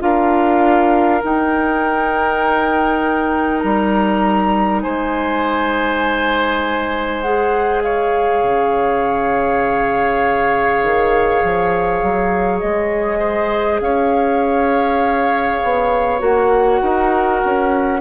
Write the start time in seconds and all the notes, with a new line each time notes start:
0.00 D4 F4 A#4 F5
1.23 D#4 G5
3.60 G3 A#5
4.82 G#3 C5 G#5
7.22 G#4 F#5
7.83 C#5 F5
8.43 C#3
10.83 D#3
11.44 F3
12.03 F#3
12.60 G#3 D#5
13.19 C5
13.80 C#4 C#5 F5
15.63 B3
16.20 A#3 F#4 F#5
16.82 D#4 A#4
17.45 C#4